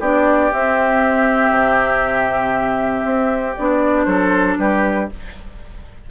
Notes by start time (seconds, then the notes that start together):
0.00 B3 D4 G4 D5
0.52 C4 E5
1.50 C3
3.05 C4
3.56 B3 D4 D5
4.05 F#3 A4 C5
4.58 G3 G4 B4